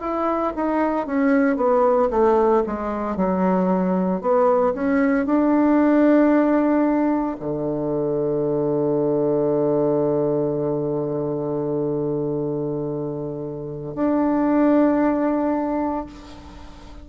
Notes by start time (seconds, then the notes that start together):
0.00 E4
0.56 D#4
1.06 C#4
1.56 B3
2.11 A3
2.66 G#3
3.16 F#3
4.21 B3
4.74 C#4
5.26 D4
7.39 D3
13.95 D4